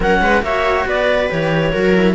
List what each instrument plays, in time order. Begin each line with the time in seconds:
0.00 cello F#3 C#4, viola A#4, clarinet F#5
0.21 cello G#3, viola B4
0.42 cello A#3 F#4, viola C#5, clarinet E5
0.86 cello B3, viola B4, clarinet D5
1.29 cello E3 G4, clarinet C#5
1.72 cello F#3 F#4, viola A#4
1.95 cello E4